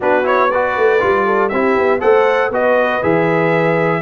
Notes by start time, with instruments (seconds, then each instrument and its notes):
0.00 tuba B3, trombone D4, horn F#4, trumpet B4
0.23 trombone E4, trumpet C#5
0.51 trombone F#4, horn B4, trumpet D5
0.76 tuba A3
0.99 tuba G3, trombone F4
1.25 horn A4
1.48 tuba C4, trombone E4, horn G4, trumpet E5
1.76 tuba B3
2.00 tuba A3, trombone A4, horn C5, trumpet F#5
2.49 tuba B3, trombone F#4, horn B4, trumpet D#5
3.02 tuba E3, trombone G#4, trumpet E5